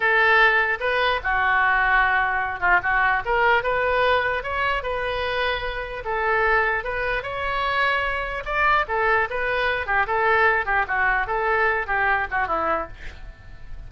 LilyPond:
\new Staff \with { instrumentName = "oboe" } { \time 4/4 \tempo 4 = 149 a'2 b'4 fis'4~ | fis'2~ fis'8 f'8 fis'4 | ais'4 b'2 cis''4 | b'2. a'4~ |
a'4 b'4 cis''2~ | cis''4 d''4 a'4 b'4~ | b'8 g'8 a'4. g'8 fis'4 | a'4. g'4 fis'8 e'4 | }